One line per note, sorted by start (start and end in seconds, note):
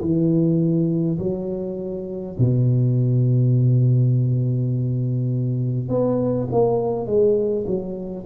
0.00 1.18 E3
1.18 2.36 F#3
2.38 5.88 B2
5.88 6.47 B3
6.51 7.06 A#3
7.06 7.65 G#3
7.66 8.25 F#3